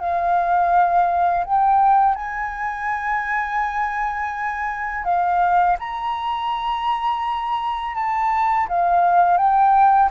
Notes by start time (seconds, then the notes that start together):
0.00 F5
1.45 G5
2.16 G#5
5.05 F5
5.80 A#5
7.95 A5
8.69 F5
9.37 G5